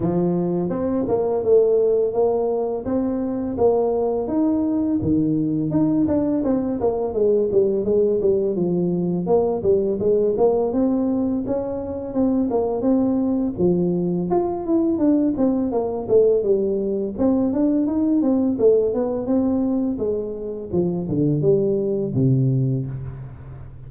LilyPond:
\new Staff \with { instrumentName = "tuba" } { \time 4/4 \tempo 4 = 84 f4 c'8 ais8 a4 ais4 | c'4 ais4 dis'4 dis4 | dis'8 d'8 c'8 ais8 gis8 g8 gis8 g8 | f4 ais8 g8 gis8 ais8 c'4 |
cis'4 c'8 ais8 c'4 f4 | f'8 e'8 d'8 c'8 ais8 a8 g4 | c'8 d'8 dis'8 c'8 a8 b8 c'4 | gis4 f8 d8 g4 c4 | }